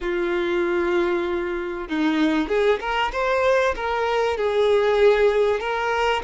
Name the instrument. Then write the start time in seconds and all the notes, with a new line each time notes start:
violin
0.00 F4
1.88 D#4
2.48 G#4
2.80 A#4
3.12 C5
3.75 A#4
4.37 G#4
5.60 A#4